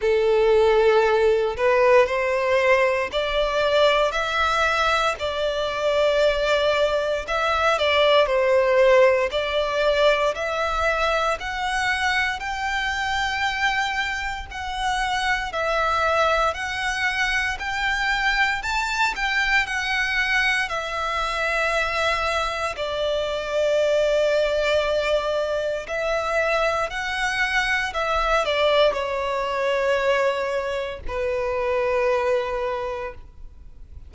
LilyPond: \new Staff \with { instrumentName = "violin" } { \time 4/4 \tempo 4 = 58 a'4. b'8 c''4 d''4 | e''4 d''2 e''8 d''8 | c''4 d''4 e''4 fis''4 | g''2 fis''4 e''4 |
fis''4 g''4 a''8 g''8 fis''4 | e''2 d''2~ | d''4 e''4 fis''4 e''8 d''8 | cis''2 b'2 | }